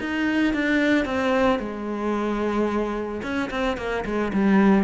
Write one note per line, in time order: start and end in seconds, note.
0.00 0.53 D#4
0.53 1.05 D4
1.05 1.59 C4
1.59 3.21 G#3
3.22 3.49 C#4
3.50 3.77 C4
3.77 4.04 A#3
4.05 4.32 G#3
4.33 4.84 G3